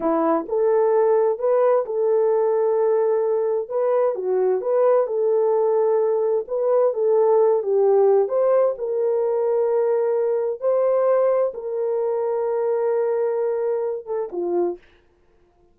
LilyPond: \new Staff \with { instrumentName = "horn" } { \time 4/4 \tempo 4 = 130 e'4 a'2 b'4 | a'1 | b'4 fis'4 b'4 a'4~ | a'2 b'4 a'4~ |
a'8 g'4. c''4 ais'4~ | ais'2. c''4~ | c''4 ais'2.~ | ais'2~ ais'8 a'8 f'4 | }